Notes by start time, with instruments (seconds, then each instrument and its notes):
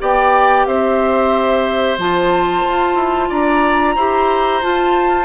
0.00 bassoon B3, clarinet G4, oboe D5, flute G5
0.66 bassoon C4, oboe C5, flute E5
1.98 bassoon F3, clarinet F4, flute A5
2.65 bassoon F4
2.96 bassoon E4
3.30 bassoon D4, oboe D5, flute A#5
3.96 bassoon E4, clarinet G4, oboe C5
4.62 clarinet F4, bassoon F4, flute A5